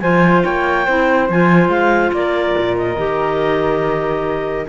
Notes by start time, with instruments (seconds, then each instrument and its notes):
0.00 cello F3, clarinet F4 G#5, flute C5
0.44 cello A#3, flute C#5, clarinet G5
0.86 cello C4, clarinet E4, flute C5
1.29 cello F3, clarinet F4 G#5
1.68 cello G#3, clarinet F5
2.13 cello A#3, flute A#4, clarinet D5
2.58 cello A#2
2.77 clarinet D#5
2.96 cello D#3, clarinet G4